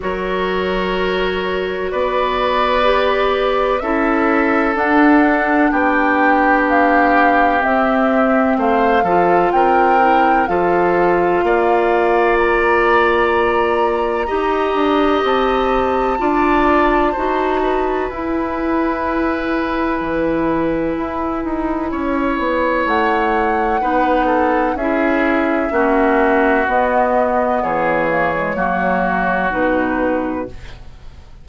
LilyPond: <<
  \new Staff \with { instrumentName = "flute" } { \time 4/4 \tempo 4 = 63 cis''2 d''2 | e''4 fis''4 g''4 f''4 | e''4 f''4 g''4 f''4~ | f''4 ais''2. |
a''2. gis''4~ | gis''1 | fis''2 e''2 | dis''4 cis''2 b'4 | }
  \new Staff \with { instrumentName = "oboe" } { \time 4/4 ais'2 b'2 | a'2 g'2~ | g'4 c''8 a'8 ais'4 a'4 | d''2. dis''4~ |
dis''4 d''4 c''8 b'4.~ | b'2. cis''4~ | cis''4 b'8 a'8 gis'4 fis'4~ | fis'4 gis'4 fis'2 | }
  \new Staff \with { instrumentName = "clarinet" } { \time 4/4 fis'2. g'4 | e'4 d'2. | c'4. f'4 e'8 f'4~ | f'2. g'4~ |
g'4 f'4 fis'4 e'4~ | e'1~ | e'4 dis'4 e'4 cis'4 | b4. ais16 gis16 ais4 dis'4 | }
  \new Staff \with { instrumentName = "bassoon" } { \time 4/4 fis2 b2 | cis'4 d'4 b2 | c'4 a8 f8 c'4 f4 | ais2. dis'8 d'8 |
c'4 d'4 dis'4 e'4~ | e'4 e4 e'8 dis'8 cis'8 b8 | a4 b4 cis'4 ais4 | b4 e4 fis4 b,4 | }
>>